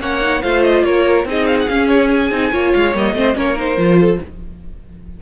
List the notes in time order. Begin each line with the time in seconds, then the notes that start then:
0.00 A#3 C#4 C#5 F#5
0.21 D#4
0.42 A3 F4 C5 F5
0.63 D#5
0.83 A#3 A#4 C#5
1.24 C4 D#4 G#4 D#5
1.46 F5
1.60 F#5
1.67 C#4 F5
1.88 C#5
2.11 G#5
2.31 C4 D#4
2.51 A#3 F4 C#5
2.73 G#3 F5
2.94 G3 A#3 D#5
3.14 A3 C4 C5
3.35 A#3 C#4 A#4 C#5
3.56 D#4 C5
3.77 F3 F4
3.99 A4